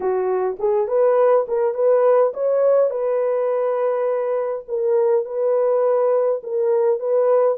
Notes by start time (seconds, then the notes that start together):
0.00 F#4
0.59 G#4
0.87 B4
1.48 A#4
1.74 B4
2.33 C#5
2.90 B4
4.68 A#4
5.25 B4
6.43 A#4
6.99 B4